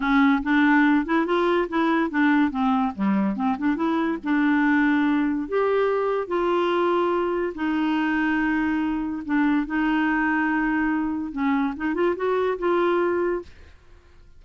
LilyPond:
\new Staff \with { instrumentName = "clarinet" } { \time 4/4 \tempo 4 = 143 cis'4 d'4. e'8 f'4 | e'4 d'4 c'4 g4 | c'8 d'8 e'4 d'2~ | d'4 g'2 f'4~ |
f'2 dis'2~ | dis'2 d'4 dis'4~ | dis'2. cis'4 | dis'8 f'8 fis'4 f'2 | }